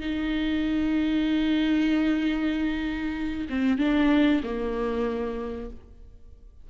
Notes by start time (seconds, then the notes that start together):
0.00 D#4
3.49 C4
3.78 D4
4.43 A#3